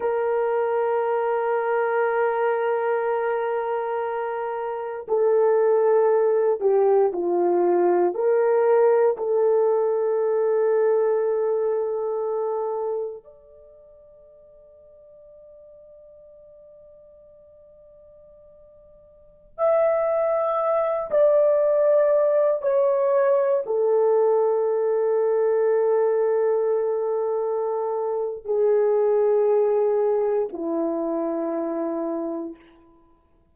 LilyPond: \new Staff \with { instrumentName = "horn" } { \time 4/4 \tempo 4 = 59 ais'1~ | ais'4 a'4. g'8 f'4 | ais'4 a'2.~ | a'4 d''2.~ |
d''2.~ d''16 e''8.~ | e''8. d''4. cis''4 a'8.~ | a'1 | gis'2 e'2 | }